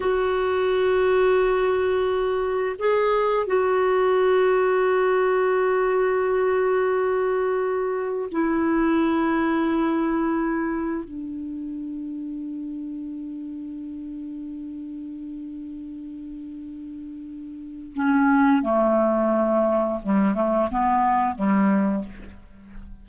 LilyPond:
\new Staff \with { instrumentName = "clarinet" } { \time 4/4 \tempo 4 = 87 fis'1 | gis'4 fis'2.~ | fis'1 | e'1 |
d'1~ | d'1~ | d'2 cis'4 a4~ | a4 g8 a8 b4 g4 | }